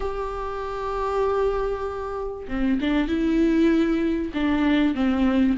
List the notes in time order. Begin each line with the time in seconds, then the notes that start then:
0.00 G4
2.48 C4
2.80 D4
3.08 E4
4.34 D4
4.95 C4